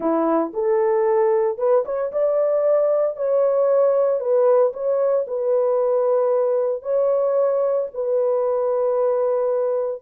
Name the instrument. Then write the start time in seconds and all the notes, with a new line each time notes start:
horn
0.00 E4
0.53 A4
1.57 B4
1.85 C#5
2.11 D5
3.16 C#5
4.19 B4
4.73 C#5
5.27 B4
6.82 C#5
7.94 B4